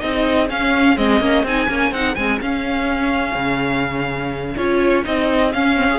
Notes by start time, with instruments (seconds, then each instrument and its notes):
0.00 cello C4, viola D#4, violin G#4 D#5
0.49 viola C#4, cello C#4, violin F5
0.97 cello G#3, viola C4, violin D#5
1.20 cello A#3, viola C#4
1.43 cello C4, viola D#4, violin G#5
1.69 cello A#3, viola C#4
1.92 cello C4, viola D#4, violin F#5
2.15 cello G#3, viola C4, violin G#5
2.41 cello C#4, viola C#4, violin F5
3.35 cello C#3
4.57 cello C#4, viola F4, violin C#5
5.04 cello C4, viola D#4, violin D#5
5.53 cello C#4, viola C#4, violin F5
5.77 viola C4
5.90 viola G#4